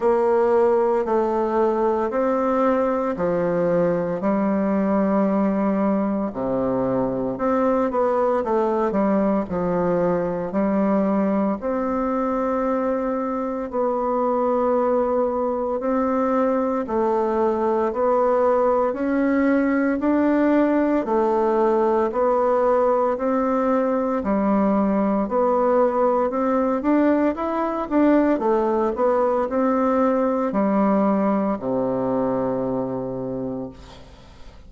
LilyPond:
\new Staff \with { instrumentName = "bassoon" } { \time 4/4 \tempo 4 = 57 ais4 a4 c'4 f4 | g2 c4 c'8 b8 | a8 g8 f4 g4 c'4~ | c'4 b2 c'4 |
a4 b4 cis'4 d'4 | a4 b4 c'4 g4 | b4 c'8 d'8 e'8 d'8 a8 b8 | c'4 g4 c2 | }